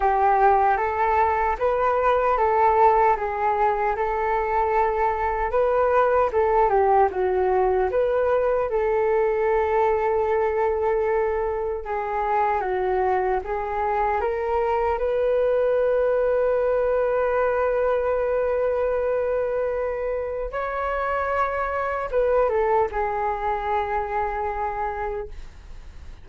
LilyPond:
\new Staff \with { instrumentName = "flute" } { \time 4/4 \tempo 4 = 76 g'4 a'4 b'4 a'4 | gis'4 a'2 b'4 | a'8 g'8 fis'4 b'4 a'4~ | a'2. gis'4 |
fis'4 gis'4 ais'4 b'4~ | b'1~ | b'2 cis''2 | b'8 a'8 gis'2. | }